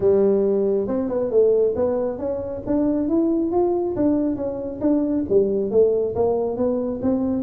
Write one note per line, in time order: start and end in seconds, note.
0.00 0.87 G3
0.87 1.08 C4
1.08 1.30 B3
1.30 1.74 A3
1.75 2.18 B3
2.18 2.62 C#4
2.66 3.08 D4
3.08 3.51 E4
3.51 3.95 F4
3.96 4.36 D4
4.36 4.80 C#4
4.81 5.24 D4
5.29 5.71 G3
5.71 6.14 A3
6.15 6.56 A#3
6.56 7.00 B3
7.02 7.42 C4